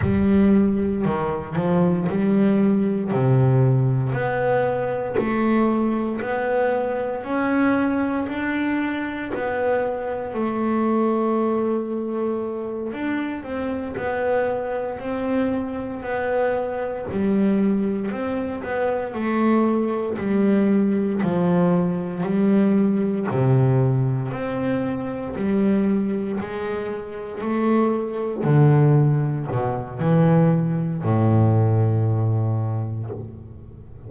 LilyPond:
\new Staff \with { instrumentName = "double bass" } { \time 4/4 \tempo 4 = 58 g4 dis8 f8 g4 c4 | b4 a4 b4 cis'4 | d'4 b4 a2~ | a8 d'8 c'8 b4 c'4 b8~ |
b8 g4 c'8 b8 a4 g8~ | g8 f4 g4 c4 c'8~ | c'8 g4 gis4 a4 d8~ | d8 b,8 e4 a,2 | }